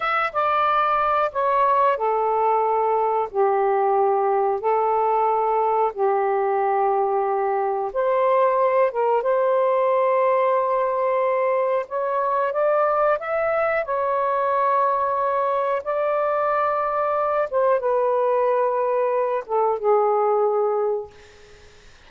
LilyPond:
\new Staff \with { instrumentName = "saxophone" } { \time 4/4 \tempo 4 = 91 e''8 d''4. cis''4 a'4~ | a'4 g'2 a'4~ | a'4 g'2. | c''4. ais'8 c''2~ |
c''2 cis''4 d''4 | e''4 cis''2. | d''2~ d''8 c''8 b'4~ | b'4. a'8 gis'2 | }